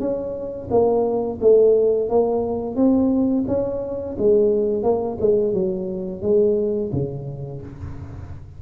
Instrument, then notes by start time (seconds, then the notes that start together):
tuba
0.00 C#4
0.71 A#3
1.41 A3
2.09 A#3
2.76 C4
3.48 C#4
4.18 G#3
4.83 A#3
5.21 G#3
5.54 F#3
6.22 G#3
6.93 C#3